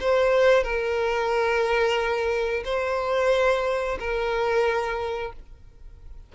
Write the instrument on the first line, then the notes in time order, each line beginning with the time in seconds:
violin
0.00 C5
0.64 A#4
2.65 C5
3.99 A#4